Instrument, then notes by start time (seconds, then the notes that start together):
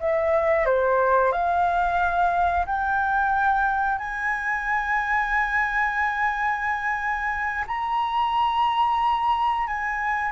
flute
0.00 E5
0.65 C5
1.32 F5
2.66 G5
3.98 G#5
7.67 A#5
9.67 G#5